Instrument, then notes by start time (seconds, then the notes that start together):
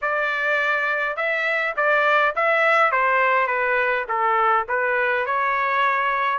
trumpet
0.01 D5
1.16 E5
1.76 D5
2.35 E5
2.91 C5
3.47 B4
4.08 A4
4.68 B4
5.26 C#5